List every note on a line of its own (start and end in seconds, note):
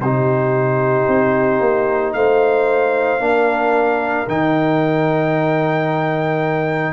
0.00 1.07 C3
0.00 3.20 D#4
0.00 2.16 G4
0.00 2.13 C5
1.08 1.60 C4
1.60 2.14 A#3
2.13 3.20 A3
2.13 3.23 C5
2.13 4.28 F5
3.20 4.27 A#3
3.20 4.27 D4
3.26 6.93 A#4
4.28 6.93 D#3
4.28 6.93 D#4
4.28 6.93 G5